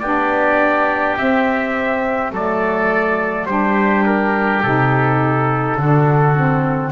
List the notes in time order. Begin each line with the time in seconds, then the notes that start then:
0.00 B3 D4 G4 D5
1.17 C4 E5
2.31 F#3 A3 A4 D5
3.46 G3 D4 G4 C5
4.06 A#4
4.63 C3 D#4 A4
5.77 D3 D4 F#4
6.36 C4